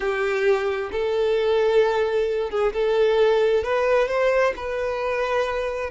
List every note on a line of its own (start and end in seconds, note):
0.00 0.90 G4
0.91 2.50 A4
2.50 2.73 G#4
2.73 3.63 A4
3.63 4.08 B4
4.08 4.53 C5
4.56 5.90 B4